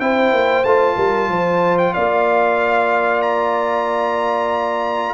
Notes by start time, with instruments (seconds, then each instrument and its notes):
0.00 tuba C4, trombone E4, horn C5, trumpet G5
0.33 tuba A#3
0.64 tuba A3, trombone F4, trumpet A5
0.97 tuba G3, horn A#4
1.29 tuba F3, horn C5
1.78 trumpet G5
1.94 tuba A#3, horn D5, trumpet F5
3.22 trumpet A#5